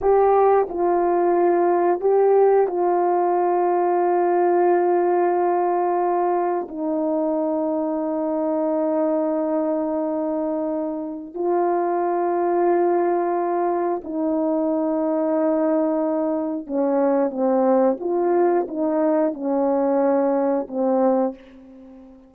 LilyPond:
\new Staff \with { instrumentName = "horn" } { \time 4/4 \tempo 4 = 90 g'4 f'2 g'4 | f'1~ | f'2 dis'2~ | dis'1~ |
dis'4 f'2.~ | f'4 dis'2.~ | dis'4 cis'4 c'4 f'4 | dis'4 cis'2 c'4 | }